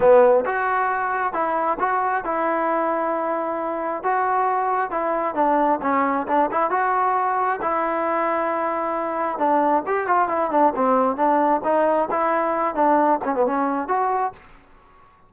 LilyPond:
\new Staff \with { instrumentName = "trombone" } { \time 4/4 \tempo 4 = 134 b4 fis'2 e'4 | fis'4 e'2.~ | e'4 fis'2 e'4 | d'4 cis'4 d'8 e'8 fis'4~ |
fis'4 e'2.~ | e'4 d'4 g'8 f'8 e'8 d'8 | c'4 d'4 dis'4 e'4~ | e'8 d'4 cis'16 b16 cis'4 fis'4 | }